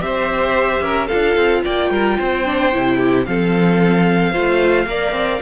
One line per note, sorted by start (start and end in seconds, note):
0.00 0.81 C4
0.00 1.08 G4
0.00 0.83 C5
0.00 1.07 E5
0.81 1.08 C#4
0.81 1.07 A#4
1.07 1.36 D4
1.07 2.45 F4
1.07 1.61 A4
1.07 1.61 F5
1.36 1.63 C4
1.64 1.90 A#3
1.64 1.90 D5
1.64 3.25 G5
1.90 2.17 G3
1.90 2.17 A#4
2.18 2.74 C4
2.18 2.97 C5
2.45 2.72 D4
2.73 3.27 C3
2.73 3.26 E4
2.97 3.24 G4
3.25 4.35 F3
3.25 4.33 C4
3.25 4.32 A4
3.25 5.42 F5
4.32 4.86 A3
4.32 4.87 F4
4.32 4.86 C5
4.86 5.12 A#3
4.86 5.42 A#4
4.86 5.42 D5
5.12 5.39 C4